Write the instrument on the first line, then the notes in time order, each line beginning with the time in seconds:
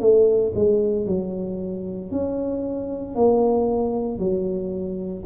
tuba
0.00 A3
0.55 G#3
1.06 F#3
2.11 C#4
3.15 A#3
4.19 F#3